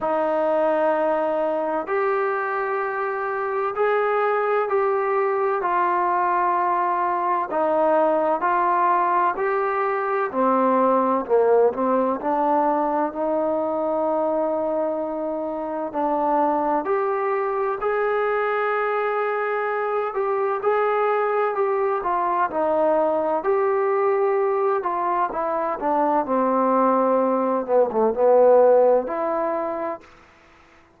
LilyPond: \new Staff \with { instrumentName = "trombone" } { \time 4/4 \tempo 4 = 64 dis'2 g'2 | gis'4 g'4 f'2 | dis'4 f'4 g'4 c'4 | ais8 c'8 d'4 dis'2~ |
dis'4 d'4 g'4 gis'4~ | gis'4. g'8 gis'4 g'8 f'8 | dis'4 g'4. f'8 e'8 d'8 | c'4. b16 a16 b4 e'4 | }